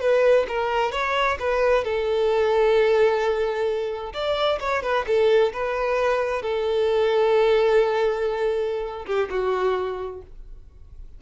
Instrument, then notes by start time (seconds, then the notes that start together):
violin
0.00 B4
0.48 A#4
0.92 C#5
1.39 B4
1.84 A4
4.13 D5
4.59 C#5
4.82 B4
5.07 A4
5.53 B4
6.42 A4
9.06 G4
9.30 F#4